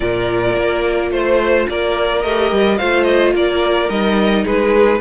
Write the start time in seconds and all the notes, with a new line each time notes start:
0.00 A#2 F4 A#4 D5
0.56 A#3
1.11 A3 C5
1.68 A#3 A#4 D5
2.23 A3 G4 D#5
2.51 G3
2.78 A3 F4 C5 F5
3.03 D#5
3.34 A#3 A#4 D5
3.89 G3 D#4 D#5
4.44 G#3 G#4 B4